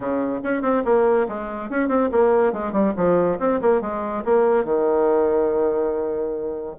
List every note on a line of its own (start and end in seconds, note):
0.00 0.40 C#3
0.43 0.62 C#4
0.62 0.83 C4
0.84 1.27 A#3
1.28 1.69 G#3
1.69 1.88 C#4
1.88 2.09 C4
2.11 2.52 A#3
2.52 2.72 G#3
2.72 2.93 G3
2.96 3.38 F3
3.39 3.60 C4
3.61 3.81 A#3
3.81 4.23 G#3
4.24 4.64 A#3
4.64 6.75 D#3